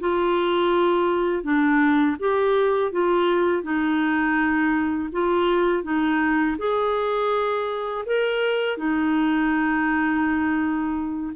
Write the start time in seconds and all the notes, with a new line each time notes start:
0.00 F4
1.44 D4
2.20 G4
2.92 F4
3.64 D#4
5.13 F4
5.84 D#4
6.59 G#4
8.06 A#4
8.78 D#4